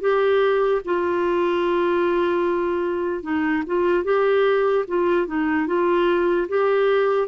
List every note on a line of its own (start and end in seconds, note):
0.00 0.81 G4
0.84 3.22 F4
3.22 3.63 D#4
3.66 4.04 F4
4.04 4.85 G4
4.87 5.26 F4
5.26 5.66 D#4
5.66 6.48 F4
6.48 7.28 G4